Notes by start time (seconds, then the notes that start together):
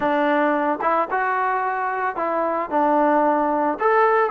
0.00 D4
0.81 E4
1.11 F#4
2.15 E4
2.70 D4
3.79 A4